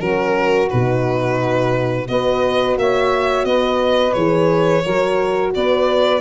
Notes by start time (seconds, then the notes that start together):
0.00 F#3 C#4 F#4 A#4
0.70 B2 D#4 B4
2.08 B3 F#4 B4 D#5
2.77 A#3 C#5 E5
3.44 B3 B4 D#5
4.13 E3 G#4 C#5
4.84 F#3 F#4 A#4
5.55 B3 B4 D5